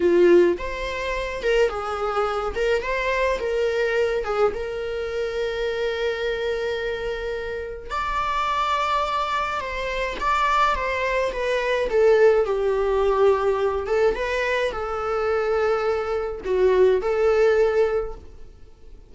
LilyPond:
\new Staff \with { instrumentName = "viola" } { \time 4/4 \tempo 4 = 106 f'4 c''4. ais'8 gis'4~ | gis'8 ais'8 c''4 ais'4. gis'8 | ais'1~ | ais'2 d''2~ |
d''4 c''4 d''4 c''4 | b'4 a'4 g'2~ | g'8 a'8 b'4 a'2~ | a'4 fis'4 a'2 | }